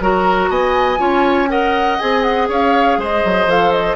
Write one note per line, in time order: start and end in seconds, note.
0.00 0.49 F#3
0.00 0.97 F#4
0.00 0.50 A#4
0.00 0.51 A#5
0.49 0.99 B3
0.49 0.99 D#5
0.49 1.50 G#5
0.97 1.99 C#4
0.97 1.47 F4
0.97 1.49 C#5
1.49 1.98 A#4
1.49 2.48 D#5
1.49 1.99 F#5
1.99 2.49 C4
1.99 3.48 G#4
1.99 2.22 G#5
2.22 2.47 F#5
2.48 2.97 C#4
2.48 2.98 C#5
2.48 3.01 F5
2.97 3.22 G#3
2.97 3.96 C5
2.97 3.50 D#5
3.24 3.45 F#3
3.45 3.95 F3
3.45 3.96 A4
3.45 3.71 F5
3.71 3.96 D#5